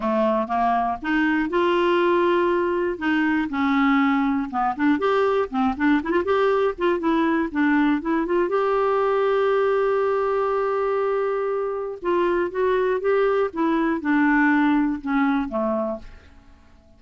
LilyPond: \new Staff \with { instrumentName = "clarinet" } { \time 4/4 \tempo 4 = 120 a4 ais4 dis'4 f'4~ | f'2 dis'4 cis'4~ | cis'4 b8 d'8 g'4 c'8 d'8 | e'16 f'16 g'4 f'8 e'4 d'4 |
e'8 f'8 g'2.~ | g'1 | f'4 fis'4 g'4 e'4 | d'2 cis'4 a4 | }